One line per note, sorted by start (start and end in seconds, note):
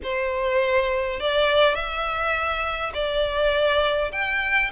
0.03 1.20 C5
1.20 1.74 D5
1.74 2.92 E5
2.94 4.11 D5
4.12 4.71 G5